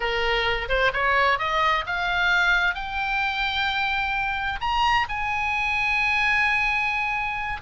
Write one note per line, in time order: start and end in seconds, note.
0.00 0.68 A#4
0.68 0.91 C5
0.93 1.38 C#5
1.38 1.84 D#5
1.86 2.75 F5
2.75 4.59 G5
4.60 5.06 A#5
5.09 7.61 G#5